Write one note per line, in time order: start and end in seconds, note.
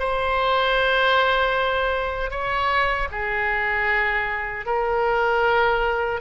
0.00 2.31 C5
2.31 3.09 C#5
3.12 4.66 G#4
4.66 6.21 A#4